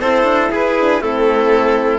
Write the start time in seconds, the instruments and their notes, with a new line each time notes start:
0.00 cello C4, horn E4, trumpet A4, violin C5
0.24 cello D4
0.51 cello E4, trumpet G#4, violin B4
0.80 horn D4
1.01 cello A3, horn C4, trumpet E4, violin A4